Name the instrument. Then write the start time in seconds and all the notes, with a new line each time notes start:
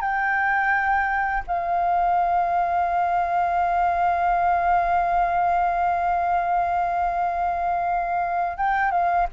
flute
0.00 G5
1.47 F5
8.57 G5
8.91 F5